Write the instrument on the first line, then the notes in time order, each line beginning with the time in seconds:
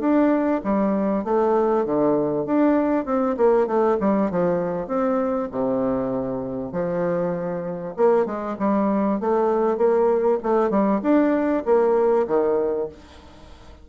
bassoon
0.00 D4
0.64 G3
1.24 A3
1.85 D3
2.46 D4
3.05 C4
3.37 A#3
3.67 A3
4.00 G3
4.31 F3
4.87 C4
5.52 C3
6.72 F3
7.97 A#3
8.26 G#3
8.59 G3
9.20 A3
9.77 A#3
10.43 A3
10.70 G3
11.03 D4
11.65 A#3
12.27 D#3